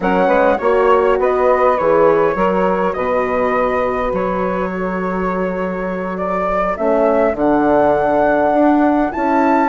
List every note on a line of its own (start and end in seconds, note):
0.00 0.28 F#3
0.00 0.59 C#4
0.00 0.26 A#4
0.00 0.57 F#5
0.26 0.58 G#3
0.26 0.56 B4
0.57 1.18 A#3
0.57 1.78 F#4
0.57 1.16 C#5
0.57 1.19 C#5
1.18 1.77 B3
1.18 2.35 B4
1.18 1.77 D#5
1.77 2.35 E3
1.77 2.36 G#4
1.77 2.93 C#5
2.35 2.94 F#3
2.35 6.76 F#4
2.35 2.94 A#4
2.93 4.12 B2
2.93 4.69 B4
2.93 4.11 D#5
4.12 6.77 F#3
4.12 6.17 C#5
4.69 9.69 A4
6.17 6.76 D5
6.76 7.33 A3
6.76 7.32 C#4
6.76 7.35 E5
7.32 8.51 D3
7.32 9.09 D4
7.32 9.12 F#5
8.52 9.11 D4
9.11 9.69 C#4
9.11 9.69 E4
9.11 9.69 A5